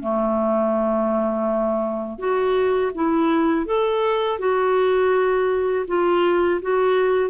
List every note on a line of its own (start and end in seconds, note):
0.00 2.19 A3
2.19 2.92 F#4
2.95 3.66 E4
3.66 4.39 A4
4.39 5.85 F#4
5.87 6.60 F4
6.62 7.30 F#4